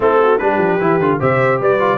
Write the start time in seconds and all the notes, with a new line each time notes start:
0.00 A3 C4 E4 A4
0.22 F#4
0.38 G3 D4 G4 B4
0.58 F3
0.80 E3 E4
0.99 D3 F4
1.19 C3 G4 C5 E5
1.59 G3 B4 D5
1.79 F4